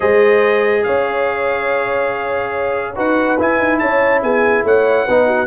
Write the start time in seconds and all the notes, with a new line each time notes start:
0.00 G#3 G#4 C5 D#5
0.83 C#4 C#5 F5
2.95 D#4 F#4 B4 F#5
3.39 E4 G#5
3.59 D#4
3.78 C#4 C#5 A5
4.22 B3 G#4 G#5
4.63 A3 C#5 F#5
5.05 B3 D#4 B4
5.26 F#4